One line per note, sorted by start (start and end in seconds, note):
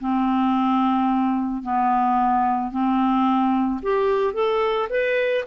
0.00 1.63 C4
1.63 2.71 B3
2.71 3.80 C4
3.82 4.34 G4
4.34 4.88 A4
4.90 5.44 B4